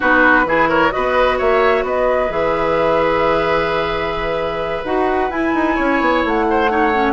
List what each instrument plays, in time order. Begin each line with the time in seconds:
0.00 bassoon B3, clarinet D#4, oboe F#4, flute B4
0.45 bassoon E3, clarinet E4, oboe G#4
0.68 oboe A#4, flute C#5
0.91 bassoon B3, clarinet F#4, oboe B4, flute D#5
1.38 bassoon A#3, oboe C#5, flute E5
1.83 bassoon B3, oboe B4, flute D#5
2.29 bassoon E3, clarinet G#4, flute E5
4.84 bassoon D#4, clarinet F#4, flute F#5
5.30 bassoon E4, clarinet E4, flute G#5
5.54 bassoon D#4
5.75 bassoon C#4, oboe C#5
6.00 bassoon B3
6.24 bassoon A3, flute F#5
6.50 oboe C5
6.69 clarinet D#4, oboe C#5
6.94 clarinet C#4